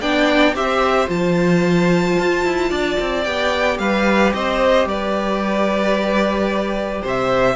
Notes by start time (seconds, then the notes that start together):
0.00 B3 D4 D5 G5
0.54 C4 G4 C5 E5
1.06 F3 F4 A5
2.18 F4
2.45 E4
2.70 D4 D5
3.00 C4
3.23 B3 G4 G5
3.78 G3 B4 F5
4.33 C4 C5 D#5
4.85 G3 B4 D5
7.01 C3 C5 E5